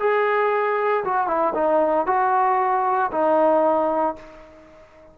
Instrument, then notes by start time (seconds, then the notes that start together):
trombone
0.00 G#4
1.05 F#4
1.28 E4
1.55 D#4
2.07 F#4
3.12 D#4